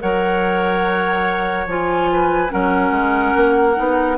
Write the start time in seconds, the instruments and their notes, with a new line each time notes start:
0.00 bassoon F#3, clarinet A#4, oboe C#5, flute F#5
1.66 bassoon F3, clarinet F4, flute G#5
2.12 oboe B4
2.49 bassoon F#3, clarinet C#4, oboe A#4, flute F#5
2.91 bassoon G#3
3.35 bassoon A#3
3.75 bassoon B3, clarinet D#4